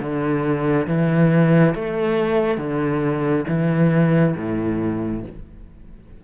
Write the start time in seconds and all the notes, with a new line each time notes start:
0.00 D3
0.88 E3
1.75 A3
2.58 D3
3.49 E3
4.37 A2